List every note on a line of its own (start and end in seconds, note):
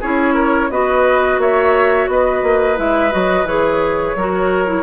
0.00 0.70 C#4
0.00 0.71 E4
0.00 0.34 G#4
0.00 0.71 C#5
0.34 0.68 A#4
0.70 1.38 B3
0.70 2.76 F#4
0.70 1.41 B4
0.70 1.40 D#5
1.38 2.07 A#3
1.38 2.10 C#5
1.38 2.09 E5
2.07 2.42 B3
2.07 4.17 B4
2.07 2.78 D#5
2.43 2.77 A#3
2.76 3.12 G#3
2.76 3.10 E4
2.76 3.12 E5
3.10 3.44 F#3
3.10 3.45 F#4
3.10 3.47 D#5
3.44 4.13 E3
3.44 4.16 G#4
3.44 4.83 C#5
4.15 4.83 F#3
4.15 4.66 F#4
4.15 4.83 A#4
4.66 4.83 E4